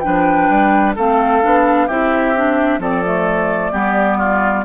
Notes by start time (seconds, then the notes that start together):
0.00 F3 D4 B4 G5
0.49 G3
0.95 A3 C4 A4 F5
1.42 B3 D4
1.87 C4 E4 G4 E5
2.35 D4
2.78 F3 C4 A4 D5
3.05 A3
3.72 G3 B3 G4
4.17 F4